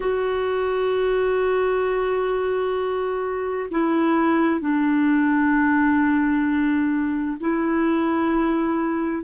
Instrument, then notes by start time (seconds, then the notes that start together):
clarinet
0.00 F#4
3.70 E4
4.60 D4
7.40 E4